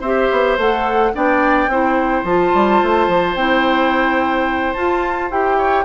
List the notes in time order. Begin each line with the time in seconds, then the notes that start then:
0.00 C4 G4 C5 E5
0.31 B3
0.57 A3 A4 F#5
1.13 B3 D4 D5 G5
1.67 C4 E4 C5
2.24 F3 F4 A5
2.54 G3
2.82 A3
3.07 F3
3.35 C4 E4 G5
4.73 F4 A5
5.30 E4 G4 G5
5.57 C#5